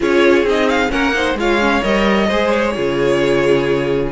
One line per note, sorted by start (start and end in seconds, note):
0.00 0.42 C#4
0.00 0.46 F4
0.00 0.91 G#4
0.00 0.48 C#5
0.42 0.88 C4
0.42 0.90 D#4
0.49 0.69 D#5
0.69 0.91 F5
0.90 1.34 A#3
0.90 1.13 C#4
0.90 1.14 A#4
0.90 1.37 F#5
1.13 1.36 D#4
1.13 1.38 C5
1.34 1.80 G#3
1.34 1.59 F4
1.34 2.27 C#5
1.34 1.83 F5
1.59 1.82 C#4
1.82 2.29 G3
1.82 2.28 A#4
1.82 2.50 D#5
2.27 2.76 G#3
2.27 2.75 G#4
2.27 2.73 C5
2.50 4.10 C#5
2.75 4.12 C#3
2.75 4.12 F4
2.75 4.12 G#4